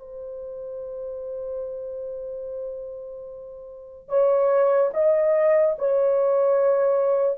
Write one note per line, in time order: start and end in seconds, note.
0.00 4.09 C5
4.09 4.91 C#5
4.94 5.76 D#5
5.79 7.38 C#5